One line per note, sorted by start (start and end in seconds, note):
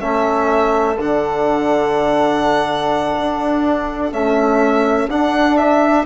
0.00 0.97 A3
0.00 0.97 C#4
0.00 6.05 A4
0.00 0.97 E5
0.97 3.15 D3
0.97 4.12 D4
0.97 4.13 F#5
3.19 4.12 D4
4.12 5.09 A3
4.12 5.08 C#4
4.12 5.10 E5
5.08 6.05 D4
5.08 6.06 D4
5.08 5.57 F#5
5.57 6.05 E5